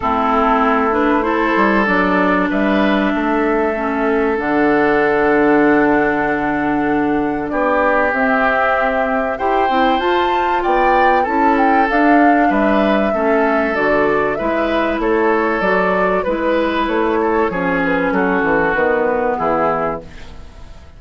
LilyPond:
<<
  \new Staff \with { instrumentName = "flute" } { \time 4/4 \tempo 4 = 96 a'4. b'8 c''4 d''4 | e''2. fis''4~ | fis''1 | d''4 e''2 g''4 |
a''4 g''4 a''8 g''8 f''4 | e''2 d''4 e''4 | cis''4 d''4 b'4 cis''4~ | cis''8 b'8 a'4 b'4 gis'4 | }
  \new Staff \with { instrumentName = "oboe" } { \time 4/4 e'2 a'2 | b'4 a'2.~ | a'1 | g'2. c''4~ |
c''4 d''4 a'2 | b'4 a'2 b'4 | a'2 b'4. a'8 | gis'4 fis'2 e'4 | }
  \new Staff \with { instrumentName = "clarinet" } { \time 4/4 c'4. d'8 e'4 d'4~ | d'2 cis'4 d'4~ | d'1~ | d'4 c'2 g'8 e'8 |
f'2 e'4 d'4~ | d'4 cis'4 fis'4 e'4~ | e'4 fis'4 e'2 | cis'2 b2 | }
  \new Staff \with { instrumentName = "bassoon" } { \time 4/4 a2~ a8 g8 fis4 | g4 a2 d4~ | d1 | b4 c'2 e'8 c'8 |
f'4 b4 cis'4 d'4 | g4 a4 d4 gis4 | a4 fis4 gis4 a4 | f4 fis8 e8 dis4 e4 | }
>>